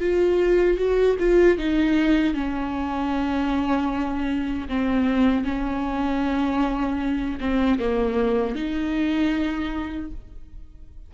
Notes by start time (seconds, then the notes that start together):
0.00 F4
0.78 F#4
1.19 F4
1.58 D#4
2.34 C#4
4.69 C4
5.44 C#4
7.40 C4
7.79 A#3
8.55 D#4